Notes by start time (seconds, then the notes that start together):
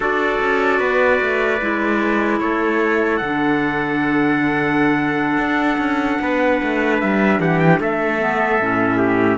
0.00 D4 F#4 A4 D5
0.41 C#4
0.79 B3 B4
1.21 A3
1.61 G#3 E4
2.39 A3 A4 C#5
3.17 D3 D4 F#5
5.37 D4
5.78 C#4
6.21 B3 B4
6.62 A3
7.00 G3 E5
7.39 E3 G4 F#5
7.59 G5
7.79 A3 A4 E5
8.19 B3
8.60 A2 C#4
8.98 G4